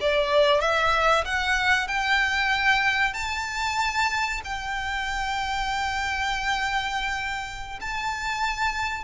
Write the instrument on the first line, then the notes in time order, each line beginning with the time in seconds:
violin
0.00 D5
0.61 E5
1.25 F#5
1.87 G5
3.13 A5
4.44 G5
7.81 A5